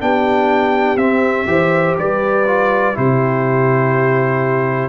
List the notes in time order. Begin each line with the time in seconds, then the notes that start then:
0.00 B3 D4 G4 G5
0.97 C4 E5
1.47 E3 G4 C5
1.99 G3 B4 D5
2.47 F4
2.94 C3 E4 G4 C5